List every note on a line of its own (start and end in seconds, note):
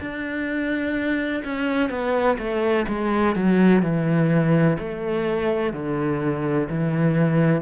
0.00 1.43 D4
1.44 1.90 C#4
1.90 2.37 B3
2.38 2.85 A3
2.88 3.35 G#3
3.35 3.82 F#3
3.82 4.77 E3
4.79 5.73 A3
5.73 6.68 D3
6.69 7.61 E3